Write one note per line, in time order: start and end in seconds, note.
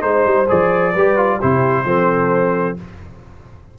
0.00 0.26 G#3
0.00 0.46 D#4
0.00 0.47 C5
0.00 0.93 C5
0.26 0.48 G3
0.48 0.95 F3
0.48 0.94 G#4
0.48 1.41 D5
0.93 1.41 G3
0.93 1.16 G4
0.93 1.39 B4
1.16 1.39 F4
1.39 1.85 C3
1.39 1.85 E4
1.39 1.85 G4
1.39 2.78 C5
1.85 2.76 F3
1.85 2.77 C4
1.85 2.78 A4